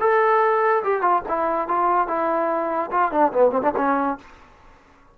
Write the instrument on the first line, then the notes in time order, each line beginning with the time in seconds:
trombone
0.00 A4
0.84 G4
1.01 F4
1.28 E4
1.68 F4
2.07 E4
2.91 F4
3.11 D4
3.32 B3
3.51 C4
3.62 D4
3.76 C#4